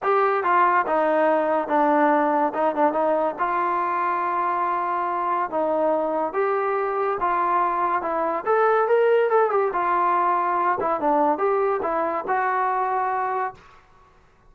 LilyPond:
\new Staff \with { instrumentName = "trombone" } { \time 4/4 \tempo 4 = 142 g'4 f'4 dis'2 | d'2 dis'8 d'8 dis'4 | f'1~ | f'4 dis'2 g'4~ |
g'4 f'2 e'4 | a'4 ais'4 a'8 g'8 f'4~ | f'4. e'8 d'4 g'4 | e'4 fis'2. | }